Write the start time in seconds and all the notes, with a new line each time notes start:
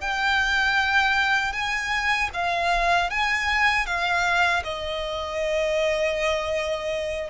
0.00 G5
1.52 G#5
2.33 F5
3.10 G#5
3.86 F5
4.63 D#5